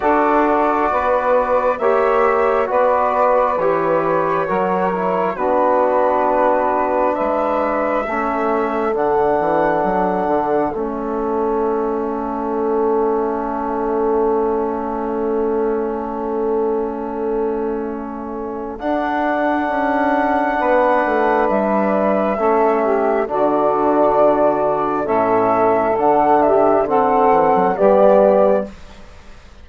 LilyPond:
<<
  \new Staff \with { instrumentName = "flute" } { \time 4/4 \tempo 4 = 67 d''2 e''4 d''4 | cis''2 b'2 | e''2 fis''2 | e''1~ |
e''1~ | e''4 fis''2. | e''2 d''2 | e''4 fis''8 e''8 fis''4 d''4 | }
  \new Staff \with { instrumentName = "saxophone" } { \time 4/4 a'4 b'4 cis''4 b'4~ | b'4 ais'4 fis'2 | b'4 a'2.~ | a'1~ |
a'1~ | a'2. b'4~ | b'4 a'8 g'8 fis'2 | a'4. g'8 a'4 g'4 | }
  \new Staff \with { instrumentName = "trombone" } { \time 4/4 fis'2 g'4 fis'4 | g'4 fis'8 e'8 d'2~ | d'4 cis'4 d'2 | cis'1~ |
cis'1~ | cis'4 d'2.~ | d'4 cis'4 d'2 | cis'4 d'4 c'4 b4 | }
  \new Staff \with { instrumentName = "bassoon" } { \time 4/4 d'4 b4 ais4 b4 | e4 fis4 b2 | gis4 a4 d8 e8 fis8 d8 | a1~ |
a1~ | a4 d'4 cis'4 b8 a8 | g4 a4 d2 | a,4 d4. e16 fis16 g4 | }
>>